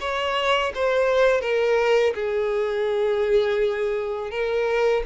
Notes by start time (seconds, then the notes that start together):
0.00 C#5
0.74 C5
1.41 A#4
2.14 G#4
4.31 A#4